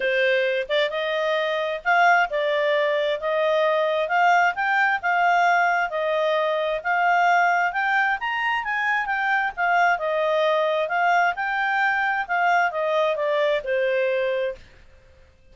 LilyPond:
\new Staff \with { instrumentName = "clarinet" } { \time 4/4 \tempo 4 = 132 c''4. d''8 dis''2 | f''4 d''2 dis''4~ | dis''4 f''4 g''4 f''4~ | f''4 dis''2 f''4~ |
f''4 g''4 ais''4 gis''4 | g''4 f''4 dis''2 | f''4 g''2 f''4 | dis''4 d''4 c''2 | }